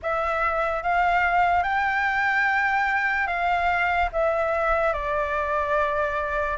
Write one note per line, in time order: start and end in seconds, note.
0.02 0.82 E5
0.82 1.63 F5
1.63 3.27 G5
3.27 4.09 F5
4.12 4.93 E5
4.93 6.57 D5